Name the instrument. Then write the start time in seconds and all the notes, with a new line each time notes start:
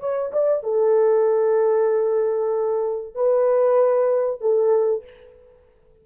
horn
0.00 C#5
0.32 D5
0.63 A4
3.15 B4
4.41 A4